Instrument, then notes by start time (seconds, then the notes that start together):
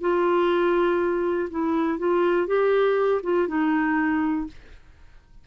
clarinet
0.00 F4
1.50 E4
1.98 F4
2.47 G4
3.23 F4
3.47 D#4